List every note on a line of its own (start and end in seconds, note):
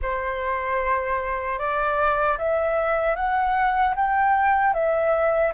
0.01 1.58 C5
1.58 2.37 D5
2.38 3.15 E5
3.15 3.94 F#5
3.95 4.73 G5
4.73 5.52 E5